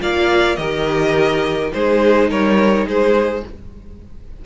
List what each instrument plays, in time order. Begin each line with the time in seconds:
0.00 cello A#3, viola F4, violin D5 F5
0.56 cello D#3, viola G4, violin A#4 D#5
1.69 cello G#3, viola D#4, violin G#4 C5
2.29 cello G3, violin A#4 C#5
2.86 cello G#3, violin G#4 C5